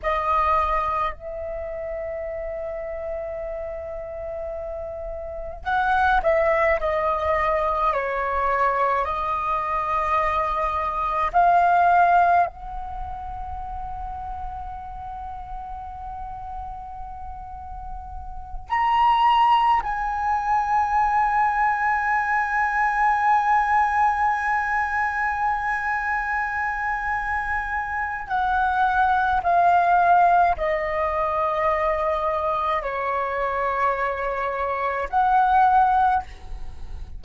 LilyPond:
\new Staff \with { instrumentName = "flute" } { \time 4/4 \tempo 4 = 53 dis''4 e''2.~ | e''4 fis''8 e''8 dis''4 cis''4 | dis''2 f''4 fis''4~ | fis''1~ |
fis''8 ais''4 gis''2~ gis''8~ | gis''1~ | gis''4 fis''4 f''4 dis''4~ | dis''4 cis''2 fis''4 | }